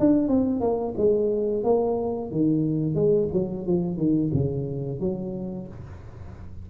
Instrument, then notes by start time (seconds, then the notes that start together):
tuba
0.00 D4
0.28 C4
0.61 A#3
0.98 G#3
1.64 A#3
2.32 D#3
2.95 G#3
3.33 F#3
3.67 F3
3.98 D#3
4.34 C#3
5.01 F#3